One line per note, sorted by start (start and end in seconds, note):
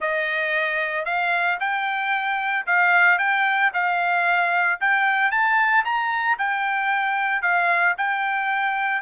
0.00 1.05 D#5
1.05 1.58 F5
1.59 2.65 G5
2.66 3.18 F5
3.18 3.71 G5
3.73 4.79 F5
4.80 5.31 G5
5.31 5.84 A5
5.84 6.37 A#5
6.38 7.41 G5
7.41 7.95 F5
7.97 9.01 G5